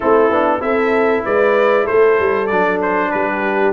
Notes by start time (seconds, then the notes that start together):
0.00 A3 C4 E4 A4
0.30 B3 D4
0.60 C4 E4 A4 E5
1.24 G#3 B4 D5
1.84 A3 A4 C5
2.19 G3
2.46 F#3 D4 D5
2.82 C5
3.11 G3 G4 B4